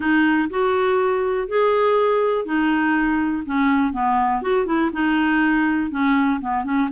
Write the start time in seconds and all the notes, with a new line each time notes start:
0.00 D#4
0.49 F#4
1.48 G#4
2.45 D#4
3.46 C#4
3.92 B3
4.42 F#4
4.66 E4
4.92 D#4
5.90 C#4
6.40 B3
6.64 C#4